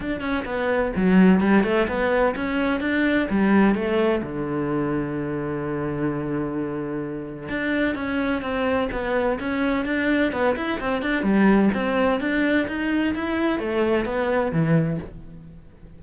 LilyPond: \new Staff \with { instrumentName = "cello" } { \time 4/4 \tempo 4 = 128 d'8 cis'8 b4 fis4 g8 a8 | b4 cis'4 d'4 g4 | a4 d2.~ | d1 |
d'4 cis'4 c'4 b4 | cis'4 d'4 b8 e'8 c'8 d'8 | g4 c'4 d'4 dis'4 | e'4 a4 b4 e4 | }